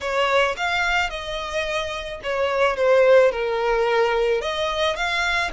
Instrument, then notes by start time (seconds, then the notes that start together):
violin
0.00 C#5
0.57 F5
1.10 D#5
2.23 C#5
2.76 C5
3.31 A#4
4.41 D#5
4.95 F5